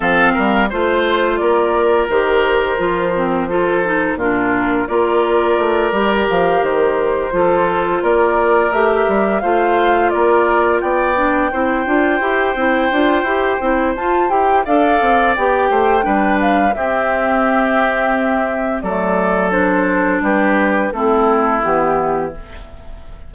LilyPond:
<<
  \new Staff \with { instrumentName = "flute" } { \time 4/4 \tempo 4 = 86 f''4 c''4 d''4 c''4~ | c''2 ais'4 d''4~ | d''4 f''8 c''2 d''8~ | d''8 e''4 f''4 d''4 g''8~ |
g''1 | a''8 g''8 f''4 g''4. f''8 | e''2. d''4 | c''4 b'4 a'4 g'4 | }
  \new Staff \with { instrumentName = "oboe" } { \time 4/4 a'8 ais'8 c''4 ais'2~ | ais'4 a'4 f'4 ais'4~ | ais'2~ ais'8 a'4 ais'8~ | ais'4. c''4 ais'4 d''8~ |
d''8 c''2.~ c''8~ | c''4 d''4. c''8 b'4 | g'2. a'4~ | a'4 g'4 e'2 | }
  \new Staff \with { instrumentName = "clarinet" } { \time 4/4 c'4 f'2 g'4 | f'8 c'8 f'8 dis'8 d'4 f'4~ | f'8 g'2 f'4.~ | f'8 g'4 f'2~ f'8 |
d'8 e'8 f'8 g'8 e'8 f'8 g'8 e'8 | f'8 g'8 a'4 g'4 d'4 | c'2. a4 | d'2 c'4 b4 | }
  \new Staff \with { instrumentName = "bassoon" } { \time 4/4 f8 g8 a4 ais4 dis4 | f2 ais,4 ais4 | a8 g8 f8 dis4 f4 ais8~ | ais8 a8 g8 a4 ais4 b8~ |
b8 c'8 d'8 e'8 c'8 d'8 e'8 c'8 | f'8 e'8 d'8 c'8 b8 a8 g4 | c'2. fis4~ | fis4 g4 a4 e4 | }
>>